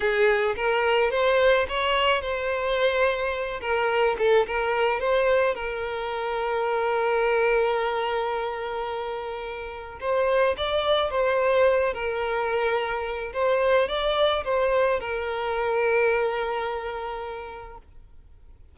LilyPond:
\new Staff \with { instrumentName = "violin" } { \time 4/4 \tempo 4 = 108 gis'4 ais'4 c''4 cis''4 | c''2~ c''8 ais'4 a'8 | ais'4 c''4 ais'2~ | ais'1~ |
ais'2 c''4 d''4 | c''4. ais'2~ ais'8 | c''4 d''4 c''4 ais'4~ | ais'1 | }